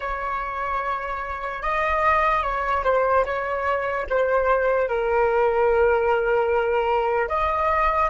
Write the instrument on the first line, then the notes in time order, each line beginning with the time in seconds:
flute
0.00 C#5
1.62 D#5
2.43 C#5
2.84 C5
3.25 C#5
4.09 C5
4.88 A#4
7.28 D#5